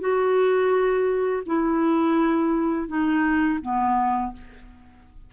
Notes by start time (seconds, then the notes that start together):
0.00 F#4
1.46 E4
2.88 D#4
3.61 B3